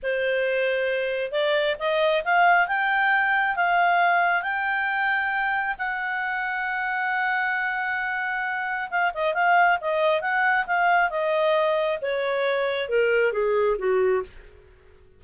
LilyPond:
\new Staff \with { instrumentName = "clarinet" } { \time 4/4 \tempo 4 = 135 c''2. d''4 | dis''4 f''4 g''2 | f''2 g''2~ | g''4 fis''2.~ |
fis''1 | f''8 dis''8 f''4 dis''4 fis''4 | f''4 dis''2 cis''4~ | cis''4 ais'4 gis'4 fis'4 | }